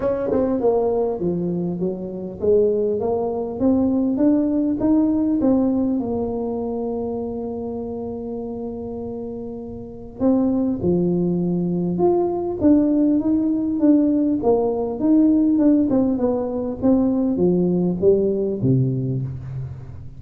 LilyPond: \new Staff \with { instrumentName = "tuba" } { \time 4/4 \tempo 4 = 100 cis'8 c'8 ais4 f4 fis4 | gis4 ais4 c'4 d'4 | dis'4 c'4 ais2~ | ais1~ |
ais4 c'4 f2 | f'4 d'4 dis'4 d'4 | ais4 dis'4 d'8 c'8 b4 | c'4 f4 g4 c4 | }